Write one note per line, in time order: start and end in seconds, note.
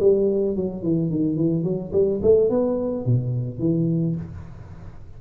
0.00 0.56 G3
0.56 0.83 F#3
0.83 1.10 E3
1.10 1.36 D#3
1.36 1.64 E3
1.64 1.92 F#3
1.92 2.20 G3
2.22 2.50 A3
2.50 3.06 B3
3.06 3.59 B2
3.59 4.15 E3